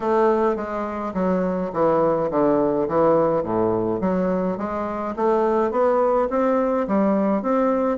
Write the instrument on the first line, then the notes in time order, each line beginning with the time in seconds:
bassoon
0.00 A3
0.56 G#3
1.14 F#3
1.73 E3
2.30 D3
2.88 E3
3.43 A2
4.01 F#3
4.57 G#3
5.16 A3
5.71 B3
6.30 C4
6.87 G3
7.42 C4